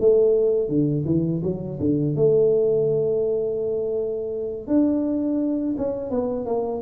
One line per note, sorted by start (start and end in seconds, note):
0.00 0.69 A3
0.69 1.05 D3
1.05 1.41 E3
1.43 1.79 F#3
1.79 2.16 D3
2.16 4.67 A3
4.67 5.76 D4
5.77 6.10 C#4
6.10 6.45 B3
6.45 6.81 A#3